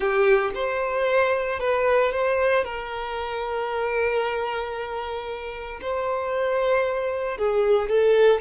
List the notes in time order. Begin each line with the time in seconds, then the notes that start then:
0.00 G4
0.54 C5
1.59 B4
2.11 C5
2.64 A#4
5.81 C5
7.37 G#4
7.89 A4